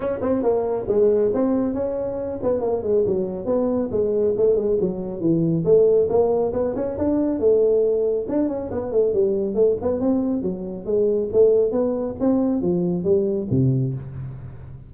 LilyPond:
\new Staff \with { instrumentName = "tuba" } { \time 4/4 \tempo 4 = 138 cis'8 c'8 ais4 gis4 c'4 | cis'4. b8 ais8 gis8 fis4 | b4 gis4 a8 gis8 fis4 | e4 a4 ais4 b8 cis'8 |
d'4 a2 d'8 cis'8 | b8 a8 g4 a8 b8 c'4 | fis4 gis4 a4 b4 | c'4 f4 g4 c4 | }